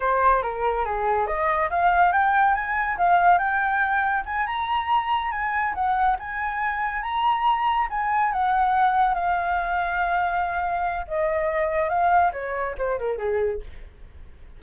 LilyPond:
\new Staff \with { instrumentName = "flute" } { \time 4/4 \tempo 4 = 141 c''4 ais'4 gis'4 dis''4 | f''4 g''4 gis''4 f''4 | g''2 gis''8 ais''4.~ | ais''8 gis''4 fis''4 gis''4.~ |
gis''8 ais''2 gis''4 fis''8~ | fis''4. f''2~ f''8~ | f''2 dis''2 | f''4 cis''4 c''8 ais'8 gis'4 | }